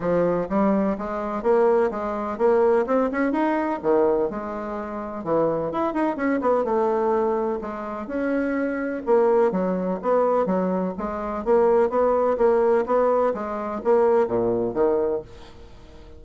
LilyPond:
\new Staff \with { instrumentName = "bassoon" } { \time 4/4 \tempo 4 = 126 f4 g4 gis4 ais4 | gis4 ais4 c'8 cis'8 dis'4 | dis4 gis2 e4 | e'8 dis'8 cis'8 b8 a2 |
gis4 cis'2 ais4 | fis4 b4 fis4 gis4 | ais4 b4 ais4 b4 | gis4 ais4 ais,4 dis4 | }